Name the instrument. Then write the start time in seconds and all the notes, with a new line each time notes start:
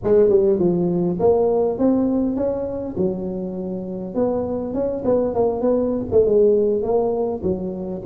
tuba
0.03 G#3
0.29 G3
0.59 F3
1.19 A#3
1.78 C4
2.36 C#4
2.97 F#3
4.14 B3
4.74 C#4
5.04 B3
5.34 A#3
5.61 B3
6.11 A3
6.25 G#3
6.82 A#3
7.42 F#3